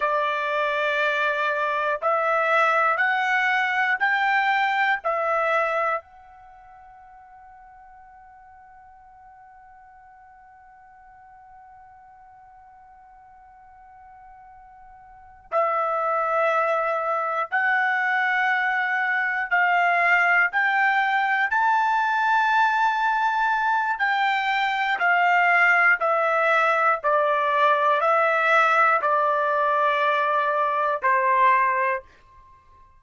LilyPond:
\new Staff \with { instrumentName = "trumpet" } { \time 4/4 \tempo 4 = 60 d''2 e''4 fis''4 | g''4 e''4 fis''2~ | fis''1~ | fis''2.~ fis''8 e''8~ |
e''4. fis''2 f''8~ | f''8 g''4 a''2~ a''8 | g''4 f''4 e''4 d''4 | e''4 d''2 c''4 | }